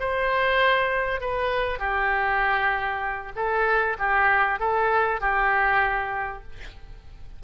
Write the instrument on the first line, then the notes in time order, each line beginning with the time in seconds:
oboe
0.00 C5
1.21 B4
1.79 G4
3.36 A4
3.99 G4
4.60 A4
5.21 G4